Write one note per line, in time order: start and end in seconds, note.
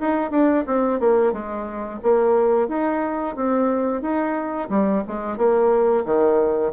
0.00 0.31 D#4
0.31 0.64 D4
0.66 1.00 C4
1.00 1.33 A#3
1.33 2.00 G#3
2.03 2.68 A#3
2.68 3.36 D#4
3.36 4.02 C4
4.02 4.69 D#4
4.69 5.03 G3
5.07 5.37 G#3
5.37 6.05 A#3
6.05 6.73 D#3